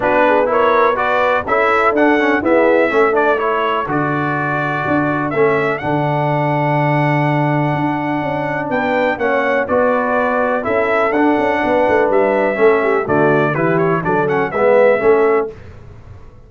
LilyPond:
<<
  \new Staff \with { instrumentName = "trumpet" } { \time 4/4 \tempo 4 = 124 b'4 cis''4 d''4 e''4 | fis''4 e''4. d''8 cis''4 | d''2. e''4 | fis''1~ |
fis''2 g''4 fis''4 | d''2 e''4 fis''4~ | fis''4 e''2 d''4 | b'8 cis''8 d''8 fis''8 e''2 | }
  \new Staff \with { instrumentName = "horn" } { \time 4/4 fis'8 gis'8 ais'4 b'4 a'4~ | a'4 gis'4 a'2~ | a'1~ | a'1~ |
a'2 b'4 cis''4 | b'2 a'2 | b'2 a'8 g'8 fis'4 | g'4 a'4 b'4 a'4 | }
  \new Staff \with { instrumentName = "trombone" } { \time 4/4 d'4 e'4 fis'4 e'4 | d'8 cis'8 b4 cis'8 d'8 e'4 | fis'2. cis'4 | d'1~ |
d'2. cis'4 | fis'2 e'4 d'4~ | d'2 cis'4 a4 | e'4 d'8 cis'8 b4 cis'4 | }
  \new Staff \with { instrumentName = "tuba" } { \time 4/4 b2. cis'4 | d'4 e'4 a2 | d2 d'4 a4 | d1 |
d'4 cis'4 b4 ais4 | b2 cis'4 d'8 cis'8 | b8 a8 g4 a4 d4 | e4 fis4 gis4 a4 | }
>>